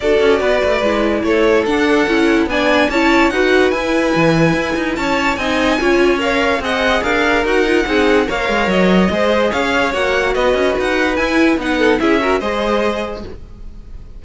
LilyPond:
<<
  \new Staff \with { instrumentName = "violin" } { \time 4/4 \tempo 4 = 145 d''2. cis''4 | fis''2 gis''4 a''4 | fis''4 gis''2. | a''4 gis''2 f''4 |
fis''4 f''4 fis''2 | f''4 dis''2 f''4 | fis''4 dis''4 fis''4 gis''4 | fis''4 e''4 dis''2 | }
  \new Staff \with { instrumentName = "violin" } { \time 4/4 a'4 b'2 a'4~ | a'2 d''4 cis''4 | b'1 | cis''4 dis''4 cis''2 |
dis''4 ais'2 gis'4 | cis''2 c''4 cis''4~ | cis''4 b'2.~ | b'8 a'8 gis'8 ais'8 c''2 | }
  \new Staff \with { instrumentName = "viola" } { \time 4/4 fis'2 e'2 | d'4 e'4 d'4 e'4 | fis'4 e'2.~ | e'4 dis'4 f'4 ais'4 |
gis'2 fis'8 f'8 dis'4 | ais'2 gis'2 | fis'2. e'4 | dis'4 e'8 fis'8 gis'2 | }
  \new Staff \with { instrumentName = "cello" } { \time 4/4 d'8 cis'8 b8 a8 gis4 a4 | d'4 cis'4 b4 cis'4 | dis'4 e'4 e4 e'8 dis'8 | cis'4 c'4 cis'2 |
c'4 d'4 dis'4 c'4 | ais8 gis8 fis4 gis4 cis'4 | ais4 b8 cis'8 dis'4 e'4 | b4 cis'4 gis2 | }
>>